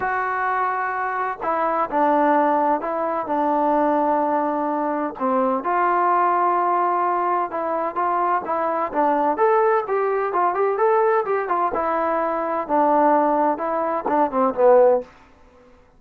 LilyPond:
\new Staff \with { instrumentName = "trombone" } { \time 4/4 \tempo 4 = 128 fis'2. e'4 | d'2 e'4 d'4~ | d'2. c'4 | f'1 |
e'4 f'4 e'4 d'4 | a'4 g'4 f'8 g'8 a'4 | g'8 f'8 e'2 d'4~ | d'4 e'4 d'8 c'8 b4 | }